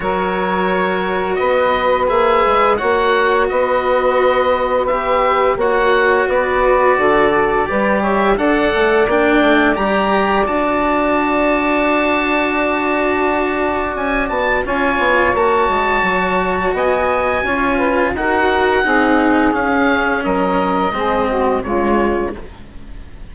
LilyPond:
<<
  \new Staff \with { instrumentName = "oboe" } { \time 4/4 \tempo 4 = 86 cis''2 dis''4 e''4 | fis''4 dis''2 e''4 | fis''4 d''2~ d''8 e''8 | fis''4 g''4 ais''4 a''4~ |
a''1 | gis''8 a''8 gis''4 a''2 | gis''2 fis''2 | f''4 dis''2 cis''4 | }
  \new Staff \with { instrumentName = "saxophone" } { \time 4/4 ais'2 b'2 | cis''4 b'2. | cis''4 b'4 a'4 b'8 cis''8 | d''1~ |
d''1~ | d''4 cis''2. | dis''4 cis''8 b'8 ais'4 gis'4~ | gis'4 ais'4 gis'8 fis'8 f'4 | }
  \new Staff \with { instrumentName = "cello" } { \time 4/4 fis'2. gis'4 | fis'2. g'4 | fis'2. g'4 | a'4 d'4 g'4 fis'4~ |
fis'1~ | fis'4 f'4 fis'2~ | fis'4 f'4 fis'4 dis'4 | cis'2 c'4 gis4 | }
  \new Staff \with { instrumentName = "bassoon" } { \time 4/4 fis2 b4 ais8 gis8 | ais4 b2. | ais4 b4 d4 g4 | d'8 a8 ais8 a8 g4 d'4~ |
d'1 | cis'8 b8 cis'8 b8 ais8 gis8 fis4 | b4 cis'4 dis'4 c'4 | cis'4 fis4 gis4 cis4 | }
>>